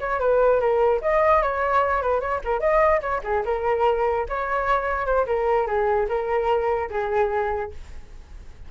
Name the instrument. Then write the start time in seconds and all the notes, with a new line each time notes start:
flute
0.00 C#5
0.20 B4
0.60 A#4
1.02 D#5
1.43 C#5
2.02 B4
2.21 C#5
2.45 A#4
2.60 D#5
3.01 C#5
3.24 G#4
3.46 A#4
4.29 C#5
5.06 C5
5.27 A#4
5.67 G#4
6.09 A#4
6.90 G#4